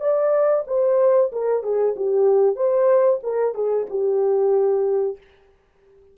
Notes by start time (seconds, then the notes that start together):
0.00 D5
0.67 C5
1.32 A#4
1.62 G#4
1.96 G4
2.56 C5
3.23 A#4
3.54 G#4
3.89 G4